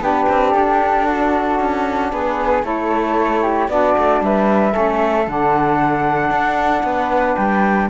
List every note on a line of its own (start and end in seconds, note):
0.00 0.26 B3
0.00 2.63 D4
0.00 1.06 G4
0.00 0.51 B4
0.29 0.54 C4
0.51 1.60 D4
0.51 2.09 A4
1.06 2.11 F#4
1.60 2.12 C#4
2.12 2.63 B3
2.12 2.65 G#4
2.12 2.64 B4
2.63 3.68 A3
2.63 3.69 E4
2.63 3.43 A4
2.63 3.70 C#5
3.43 3.69 G4
3.68 3.95 B3
3.68 4.71 D4
3.68 4.23 F#4
3.68 4.23 D5
3.98 4.21 A3
4.21 4.74 G3
4.21 4.73 B4
4.21 5.29 E5
4.71 5.27 A3
4.71 5.24 C#4
4.71 6.84 A4
5.27 6.30 D3
5.27 7.90 D4
5.27 7.36 F#5
6.30 6.83 D4
6.83 7.36 B3
6.83 7.90 B4
7.36 7.90 G3
7.36 7.89 G5